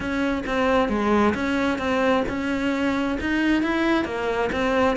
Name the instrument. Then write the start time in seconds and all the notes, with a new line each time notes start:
cello
0.00 C#4
0.46 C4
0.88 G#3
1.34 C#4
1.78 C4
2.28 C#4
3.20 D#4
3.62 E4
4.05 A#3
4.52 C4